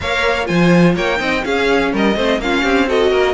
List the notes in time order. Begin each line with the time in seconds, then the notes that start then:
0.01 A#3 A#4 C#5 F5
0.43 F3 F4 C5 G#5
0.95 A#3 C#5 G5
1.17 C4 D#4 D#5
1.43 C#4 G#4 F5
1.92 G3 A#4 D#5
2.16 A3 C4 C5
2.38 A#3 C#4 F4 F5
2.62 C4 G4
2.87 F#4 A4 D#5
3.10 A#3 A#4